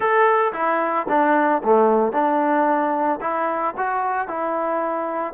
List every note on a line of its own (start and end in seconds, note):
0.00 0.52 A4
0.53 1.06 E4
1.09 1.62 D4
1.63 2.12 A3
2.12 3.19 D4
3.20 3.74 E4
3.77 4.28 F#4
4.28 5.33 E4